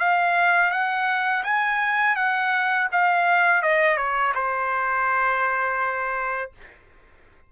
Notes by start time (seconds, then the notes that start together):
0.00 F5
0.71 F#5
1.44 G#5
2.16 F#5
2.92 F5
3.63 D#5
3.97 C#5
4.35 C5